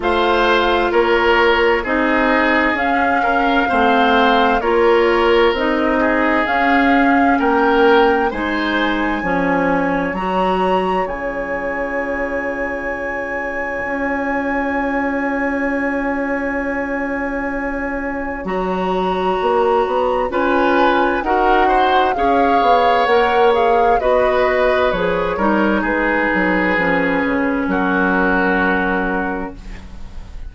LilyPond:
<<
  \new Staff \with { instrumentName = "flute" } { \time 4/4 \tempo 4 = 65 f''4 cis''4 dis''4 f''4~ | f''4 cis''4 dis''4 f''4 | g''4 gis''2 ais''4 | gis''1~ |
gis''1 | ais''2 gis''4 fis''4 | f''4 fis''8 f''8 dis''4 cis''4 | b'2 ais'2 | }
  \new Staff \with { instrumentName = "oboe" } { \time 4/4 c''4 ais'4 gis'4. ais'8 | c''4 ais'4. gis'4. | ais'4 c''4 cis''2~ | cis''1~ |
cis''1~ | cis''2 b'4 ais'8 c''8 | cis''2 b'4. ais'8 | gis'2 fis'2 | }
  \new Staff \with { instrumentName = "clarinet" } { \time 4/4 f'2 dis'4 cis'4 | c'4 f'4 dis'4 cis'4~ | cis'4 dis'4 cis'4 fis'4 | f'1~ |
f'1 | fis'2 f'4 fis'4 | gis'4 ais'8 gis'8 fis'4 gis'8 dis'8~ | dis'4 cis'2. | }
  \new Staff \with { instrumentName = "bassoon" } { \time 4/4 a4 ais4 c'4 cis'4 | a4 ais4 c'4 cis'4 | ais4 gis4 f4 fis4 | cis2. cis'4~ |
cis'1 | fis4 ais8 b8 cis'4 dis'4 | cis'8 b8 ais4 b4 f8 g8 | gis8 fis8 f8 cis8 fis2 | }
>>